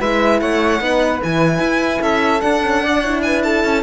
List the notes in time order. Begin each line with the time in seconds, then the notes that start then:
0.00 G#3 E4 B4 E5
0.40 A3 C#5 F#5
0.80 B3 D#4 B4
1.21 E3 E4 G#5
1.59 E4
2.01 C#4 A4 E5
2.41 D4 F#5
2.62 C#4
2.83 D4 D5
3.01 E4 C#5
3.22 B4 G#5
3.43 A4 A5
3.64 C#4